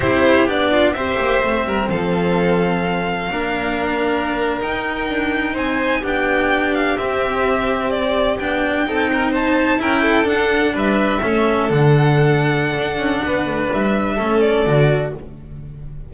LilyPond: <<
  \new Staff \with { instrumentName = "violin" } { \time 4/4 \tempo 4 = 127 c''4 d''4 e''2 | f''1~ | f''4.~ f''16 g''2 gis''16~ | gis''8. g''4. f''8 e''4~ e''16~ |
e''8. d''4 g''2 a''16~ | a''8. g''4 fis''4 e''4~ e''16~ | e''8. fis''2.~ fis''16~ | fis''4 e''4. d''4. | }
  \new Staff \with { instrumentName = "violin" } { \time 4/4 g'4. f'8 c''4. ais'8 | a'2. ais'4~ | ais'2.~ ais'8. c''16~ | c''8. g'2.~ g'16~ |
g'2~ g'8. a'8 ais'8 c''16~ | c''8. ais'8 a'4. b'4 a'16~ | a'1 | b'2 a'2 | }
  \new Staff \with { instrumentName = "cello" } { \time 4/4 e'4 d'4 g'4 c'4~ | c'2. d'4~ | d'4.~ d'16 dis'2~ dis'16~ | dis'8. d'2 c'4~ c'16~ |
c'4.~ c'16 d'4 dis'4~ dis'16~ | dis'8. e'4 d'2 cis'16~ | cis'8. d'2.~ d'16~ | d'2 cis'4 fis'4 | }
  \new Staff \with { instrumentName = "double bass" } { \time 4/4 c'4 b4 c'8 ais8 a8 g8 | f2. ais4~ | ais4.~ ais16 dis'4 d'4 c'16~ | c'8. b2 c'4~ c'16~ |
c'4.~ c'16 b4 c'4~ c'16~ | c'8. cis'4 d'4 g4 a16~ | a8. d2~ d16 d'8 cis'8 | b8 a8 g4 a4 d4 | }
>>